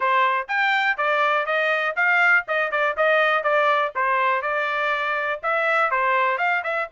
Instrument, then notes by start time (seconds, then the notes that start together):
trumpet
0.00 C5
0.48 G5
0.97 D5
1.46 D#5
1.96 F5
2.47 D#5
2.71 D5
2.96 D#5
3.43 D5
3.95 C5
4.42 D5
5.42 E5
5.90 C5
6.38 F5
6.63 E5